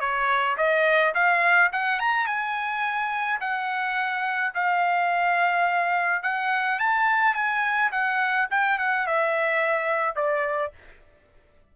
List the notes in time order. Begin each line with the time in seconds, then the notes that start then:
0.00 C#5
0.57 D#5
1.14 F5
1.72 F#5
1.99 A#5
2.26 G#5
3.40 F#5
4.54 F5
6.23 F#5
6.80 A5
7.34 G#5
7.92 F#5
8.50 G5
8.79 F#5
9.07 E5
10.16 D5